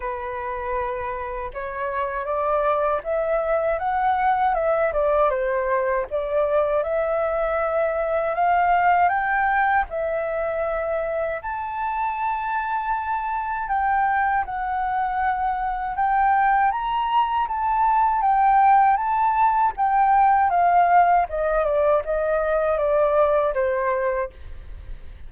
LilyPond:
\new Staff \with { instrumentName = "flute" } { \time 4/4 \tempo 4 = 79 b'2 cis''4 d''4 | e''4 fis''4 e''8 d''8 c''4 | d''4 e''2 f''4 | g''4 e''2 a''4~ |
a''2 g''4 fis''4~ | fis''4 g''4 ais''4 a''4 | g''4 a''4 g''4 f''4 | dis''8 d''8 dis''4 d''4 c''4 | }